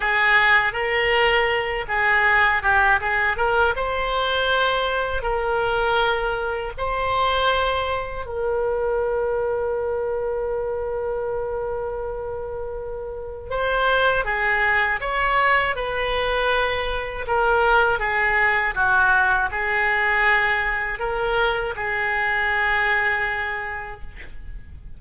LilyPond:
\new Staff \with { instrumentName = "oboe" } { \time 4/4 \tempo 4 = 80 gis'4 ais'4. gis'4 g'8 | gis'8 ais'8 c''2 ais'4~ | ais'4 c''2 ais'4~ | ais'1~ |
ais'2 c''4 gis'4 | cis''4 b'2 ais'4 | gis'4 fis'4 gis'2 | ais'4 gis'2. | }